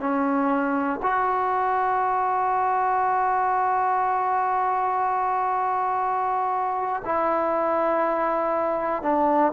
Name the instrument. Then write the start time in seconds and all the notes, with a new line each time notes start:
trombone
0.00 C#4
1.02 F#4
7.05 E4
9.02 D4